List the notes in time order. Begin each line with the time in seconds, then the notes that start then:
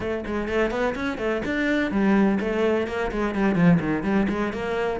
0.00 A3
0.26 G#3
0.48 A3
0.70 B3
0.95 C#4
1.18 A3
1.45 D4
1.91 G3
2.39 A3
2.87 A#3
3.11 G#3
3.34 G3
3.55 F3
3.80 D#3
4.03 G3
4.29 G#3
4.52 A#3